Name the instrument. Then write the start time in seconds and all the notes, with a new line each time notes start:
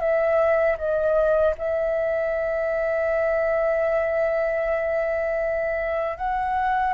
flute
0.00 E5
0.78 D#5
1.59 E5
6.18 F#5